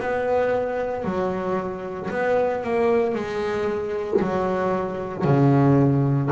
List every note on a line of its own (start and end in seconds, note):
0.00 1.05 B3
1.05 2.10 F#3
2.11 2.64 B3
2.64 3.15 A#3
3.15 4.21 G#3
4.22 5.25 F#3
5.25 6.30 C#3